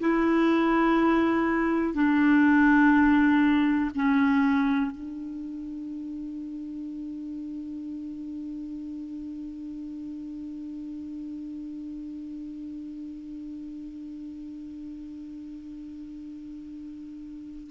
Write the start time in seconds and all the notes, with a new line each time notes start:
0.00 E4
1.94 D4
3.95 C#4
4.91 D4